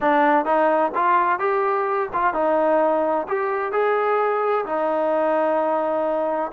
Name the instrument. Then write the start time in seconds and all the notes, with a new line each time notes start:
trombone
0.00 D4
0.45 D#4
0.95 F4
1.39 G4
2.13 F4
2.33 D#4
3.27 G4
3.72 G#4
4.65 D#4